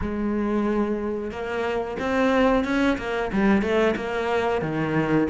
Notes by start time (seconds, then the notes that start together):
0.01 G#3
1.31 A#3
1.99 C4
2.64 C#4
2.98 A#3
3.32 G3
3.61 A3
3.96 A#3
4.61 D#3